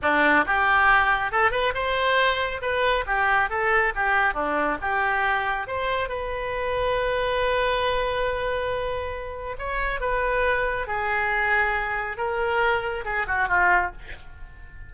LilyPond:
\new Staff \with { instrumentName = "oboe" } { \time 4/4 \tempo 4 = 138 d'4 g'2 a'8 b'8 | c''2 b'4 g'4 | a'4 g'4 d'4 g'4~ | g'4 c''4 b'2~ |
b'1~ | b'2 cis''4 b'4~ | b'4 gis'2. | ais'2 gis'8 fis'8 f'4 | }